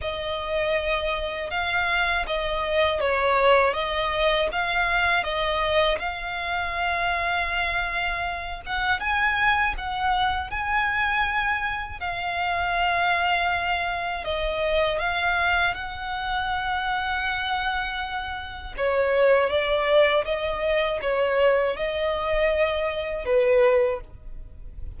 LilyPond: \new Staff \with { instrumentName = "violin" } { \time 4/4 \tempo 4 = 80 dis''2 f''4 dis''4 | cis''4 dis''4 f''4 dis''4 | f''2.~ f''8 fis''8 | gis''4 fis''4 gis''2 |
f''2. dis''4 | f''4 fis''2.~ | fis''4 cis''4 d''4 dis''4 | cis''4 dis''2 b'4 | }